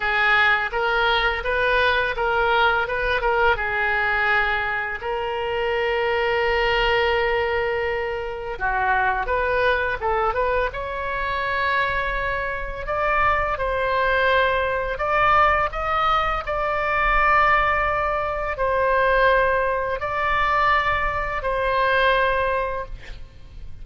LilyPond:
\new Staff \with { instrumentName = "oboe" } { \time 4/4 \tempo 4 = 84 gis'4 ais'4 b'4 ais'4 | b'8 ais'8 gis'2 ais'4~ | ais'1 | fis'4 b'4 a'8 b'8 cis''4~ |
cis''2 d''4 c''4~ | c''4 d''4 dis''4 d''4~ | d''2 c''2 | d''2 c''2 | }